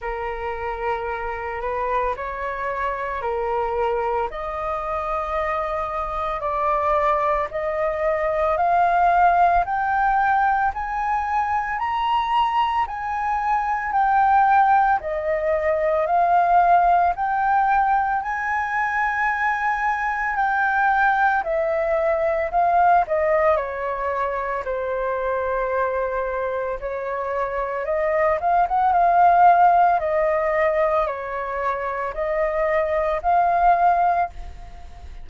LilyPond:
\new Staff \with { instrumentName = "flute" } { \time 4/4 \tempo 4 = 56 ais'4. b'8 cis''4 ais'4 | dis''2 d''4 dis''4 | f''4 g''4 gis''4 ais''4 | gis''4 g''4 dis''4 f''4 |
g''4 gis''2 g''4 | e''4 f''8 dis''8 cis''4 c''4~ | c''4 cis''4 dis''8 f''16 fis''16 f''4 | dis''4 cis''4 dis''4 f''4 | }